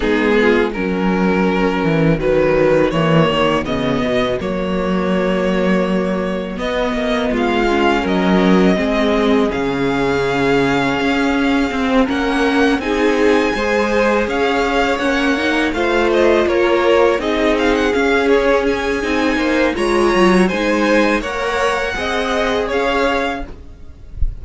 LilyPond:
<<
  \new Staff \with { instrumentName = "violin" } { \time 4/4 \tempo 4 = 82 gis'4 ais'2 b'4 | cis''4 dis''4 cis''2~ | cis''4 dis''4 f''4 dis''4~ | dis''4 f''2.~ |
f''8 fis''4 gis''2 f''8~ | f''8 fis''4 f''8 dis''8 cis''4 dis''8 | f''16 fis''16 f''8 cis''8 gis''4. ais''4 | gis''4 fis''2 f''4 | }
  \new Staff \with { instrumentName = "violin" } { \time 4/4 dis'8 f'8 fis'2.~ | fis'1~ | fis'2 f'4 ais'4 | gis'1~ |
gis'8 ais'4 gis'4 c''4 cis''8~ | cis''4. c''4 ais'4 gis'8~ | gis'2~ gis'8 c''8 cis''4 | c''4 cis''4 dis''4 cis''4 | }
  \new Staff \with { instrumentName = "viola" } { \time 4/4 b4 cis'2 fis4 | ais4 b4 ais2~ | ais4 b4. cis'4. | c'4 cis'2. |
c'8 cis'4 dis'4 gis'4.~ | gis'8 cis'8 dis'8 f'2 dis'8~ | dis'8 cis'4. dis'4 f'4 | dis'4 ais'4 gis'2 | }
  \new Staff \with { instrumentName = "cello" } { \time 4/4 gis4 fis4. e8 dis4 | e8 dis8 cis8 b,8 fis2~ | fis4 b8 ais8 gis4 fis4 | gis4 cis2 cis'4 |
c'8 ais4 c'4 gis4 cis'8~ | cis'8 ais4 a4 ais4 c'8~ | c'8 cis'4. c'8 ais8 gis8 fis8 | gis4 ais4 c'4 cis'4 | }
>>